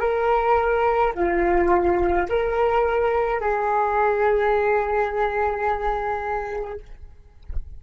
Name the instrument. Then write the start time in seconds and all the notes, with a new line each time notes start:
flute
0.00 A#4
1.15 F4
2.30 A#4
3.41 G#4